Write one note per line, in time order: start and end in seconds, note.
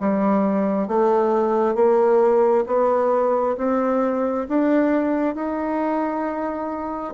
0.00 0.88 G3
0.88 1.75 A3
1.75 2.65 A#3
2.67 3.57 B3
3.58 4.47 C4
4.49 5.35 D4
5.35 7.14 D#4